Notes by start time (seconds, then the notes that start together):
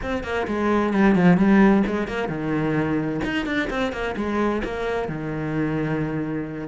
0.02 C4
0.23 A#3
0.47 G#3
0.93 G3
1.15 F3
1.37 G3
1.86 G#3
2.07 A#3
2.28 D#3
3.24 D#4
3.46 D4
3.69 C4
3.92 A#3
4.16 G#3
4.64 A#3
5.08 D#3